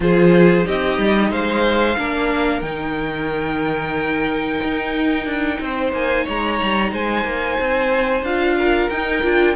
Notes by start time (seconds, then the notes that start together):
0.00 F3 F4 G#4 C5
0.64 C4 D#4 G4 D#5
0.98 G3
1.30 G#3 C5 F5
1.97 A#3 D4 A#4
2.61 D#3 D#4 G5
4.63 D#4
5.25 D4
5.59 C4 C5
5.92 A#3 G#5
6.24 G#3 C#5 A#5
6.62 G3
6.91 G#3 C5 G#5
7.23 A#3
7.60 C4
8.21 D4 F4 F5
8.58 A#4
8.89 D#4 G5
9.23 D4 F4